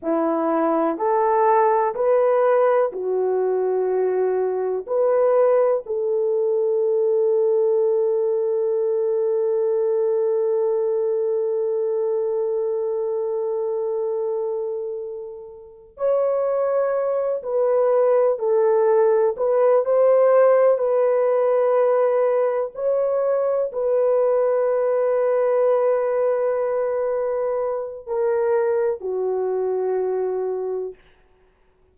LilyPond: \new Staff \with { instrumentName = "horn" } { \time 4/4 \tempo 4 = 62 e'4 a'4 b'4 fis'4~ | fis'4 b'4 a'2~ | a'1~ | a'1~ |
a'8 cis''4. b'4 a'4 | b'8 c''4 b'2 cis''8~ | cis''8 b'2.~ b'8~ | b'4 ais'4 fis'2 | }